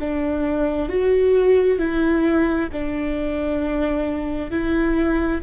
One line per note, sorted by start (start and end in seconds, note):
0.00 0.89 D4
0.89 1.79 F#4
1.79 2.69 E4
2.72 4.51 D4
4.51 5.42 E4